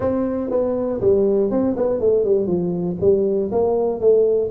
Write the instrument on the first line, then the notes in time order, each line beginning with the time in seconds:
tuba
0.00 C4
0.50 B3
1.00 G3
1.50 C4
1.76 B3
2.00 A3
2.24 G3
2.46 F3
3.00 G3
3.51 A#3
4.00 A3